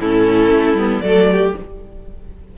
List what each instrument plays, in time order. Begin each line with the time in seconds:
0.00 cello A2, viola C#4, violin E4 A4
0.52 cello A3
0.74 cello G3, viola B3
1.01 cello F#3, viola A3, violin A4 D5
1.32 violin G4